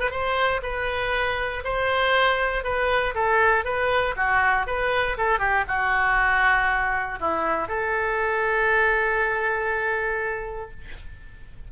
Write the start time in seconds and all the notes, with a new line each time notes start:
0.00 B4
0.11 C5
0.63 B4
1.64 C5
2.64 B4
3.15 A4
3.65 B4
4.16 F#4
4.67 B4
5.17 A4
5.39 G4
5.68 F#4
7.20 E4
7.68 A4